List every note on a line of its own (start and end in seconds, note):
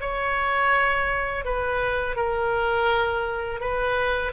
0.00 1.45 C#5
1.45 2.16 B4
2.16 3.60 A#4
3.60 4.32 B4